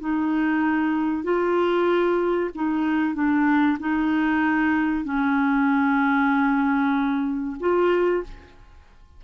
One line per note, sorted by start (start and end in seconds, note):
0.00 1.23 D#4
1.23 2.50 F4
2.55 3.14 D#4
3.14 3.78 D4
3.79 5.04 D#4
5.04 7.57 C#4
7.60 8.23 F4